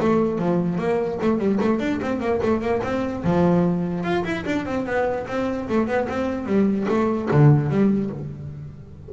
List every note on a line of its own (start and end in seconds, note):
0.00 0.39 A3
0.39 0.78 F3
0.78 1.19 A#3
1.22 1.39 A3
1.39 1.59 G3
1.61 1.80 A3
1.80 2.00 D4
2.02 2.20 C4
2.20 2.41 A#3
2.43 2.61 A3
2.61 2.82 A#3
2.83 3.24 C4
3.24 4.04 F3
4.04 4.24 F4
4.25 4.45 E4
4.46 4.66 D4
4.66 4.86 C4
4.86 5.27 B3
5.28 5.68 C4
5.69 5.87 A3
5.87 6.08 B3
6.09 6.46 C4
6.46 6.87 G3
6.89 7.29 A3
7.31 7.70 D3
7.70 8.10 G3